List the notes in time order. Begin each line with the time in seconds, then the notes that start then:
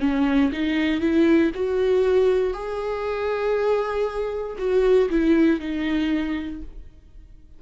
0.00 C#4
0.52 D#4
1.00 E4
1.54 F#4
2.53 G#4
4.58 F#4
5.10 E4
5.60 D#4